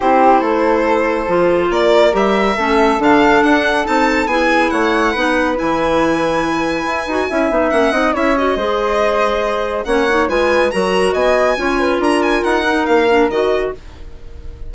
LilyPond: <<
  \new Staff \with { instrumentName = "violin" } { \time 4/4 \tempo 4 = 140 c''1 | d''4 e''2 f''4 | fis''4 a''4 gis''4 fis''4~ | fis''4 gis''2.~ |
gis''2 fis''4 e''8 dis''8~ | dis''2. fis''4 | gis''4 ais''4 gis''2 | ais''8 gis''8 fis''4 f''4 dis''4 | }
  \new Staff \with { instrumentName = "flute" } { \time 4/4 g'4 a'2. | ais'2 a'2~ | a'2 gis'4 cis''4 | b'1~ |
b'4 e''4. dis''8 cis''4 | c''2. cis''4 | b'4 ais'4 dis''4 cis''8 b'8 | ais'1 | }
  \new Staff \with { instrumentName = "clarinet" } { \time 4/4 e'2. f'4~ | f'4 g'4 cis'4 d'4~ | d'4 dis'4 e'2 | dis'4 e'2.~ |
e'8 fis'8 e'8 dis'8 cis'8 dis'8 e'8 fis'8 | gis'2. cis'8 dis'8 | f'4 fis'2 f'4~ | f'4. dis'4 d'8 fis'4 | }
  \new Staff \with { instrumentName = "bassoon" } { \time 4/4 c'4 a2 f4 | ais4 g4 a4 d4 | d'4 c'4 b4 a4 | b4 e2. |
e'8 dis'8 cis'8 b8 ais8 c'8 cis'4 | gis2. ais4 | gis4 fis4 b4 cis'4 | d'4 dis'4 ais4 dis4 | }
>>